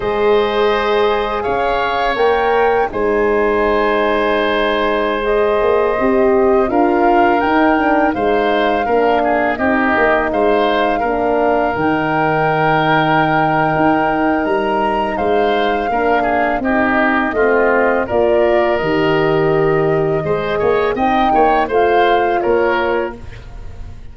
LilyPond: <<
  \new Staff \with { instrumentName = "flute" } { \time 4/4 \tempo 4 = 83 dis''2 f''4 g''4 | gis''2.~ gis''16 dis''8.~ | dis''4~ dis''16 f''4 g''4 f''8.~ | f''4~ f''16 dis''4 f''4.~ f''16~ |
f''16 g''2.~ g''8. | ais''4 f''2 dis''4~ | dis''4 d''4 dis''2~ | dis''4 g''4 f''4 cis''4 | }
  \new Staff \with { instrumentName = "oboe" } { \time 4/4 c''2 cis''2 | c''1~ | c''4~ c''16 ais'2 c''8.~ | c''16 ais'8 gis'8 g'4 c''4 ais'8.~ |
ais'1~ | ais'4 c''4 ais'8 gis'8 g'4 | f'4 ais'2. | c''8 cis''8 dis''8 cis''8 c''4 ais'4 | }
  \new Staff \with { instrumentName = "horn" } { \time 4/4 gis'2. ais'4 | dis'2.~ dis'16 gis'8.~ | gis'16 g'4 f'4 dis'8 d'8 dis'8.~ | dis'16 d'4 dis'2 d'8.~ |
d'16 dis'2.~ dis'8.~ | dis'2 d'4 dis'4 | c'4 f'4 g'2 | gis'4 dis'4 f'2 | }
  \new Staff \with { instrumentName = "tuba" } { \time 4/4 gis2 cis'4 ais4 | gis2.~ gis8. ais16~ | ais16 c'4 d'4 dis'4 gis8.~ | gis16 ais4 c'8 ais8 gis4 ais8.~ |
ais16 dis2~ dis8. dis'4 | g4 gis4 ais4 c'4 | a4 ais4 dis2 | gis8 ais8 c'8 ais8 a4 ais4 | }
>>